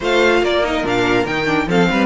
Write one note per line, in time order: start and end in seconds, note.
0.00 0.41 A3
0.00 0.63 F4
0.00 0.42 C5
0.00 0.44 F5
0.41 0.83 A#3
0.41 1.68 A#4
0.41 0.65 D5
0.63 0.83 D#4
0.63 0.86 D#5
0.83 1.25 A#2
0.83 1.25 D4
0.83 1.26 F5
1.26 1.67 D#3
1.26 1.45 D#4
1.26 1.68 G5
1.45 1.66 D4
1.67 1.88 F3
1.67 2.05 C4
1.67 1.89 A4
1.67 2.05 F5
1.90 2.05 G3
1.90 2.05 B4